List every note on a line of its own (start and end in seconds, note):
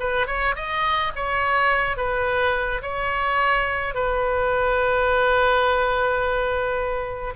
0.00 0.27 B4
0.27 0.56 C#5
0.56 1.12 D#5
1.16 1.97 C#5
1.97 2.82 B4
2.82 3.95 C#5
3.95 7.34 B4